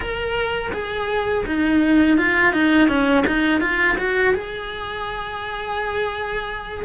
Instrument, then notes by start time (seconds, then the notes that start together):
cello
0.00 A#4
0.72 G#4
1.46 D#4
2.17 F4
2.52 D#4
2.88 C#4
3.26 D#4
3.60 F4
3.98 F#4
4.34 G#4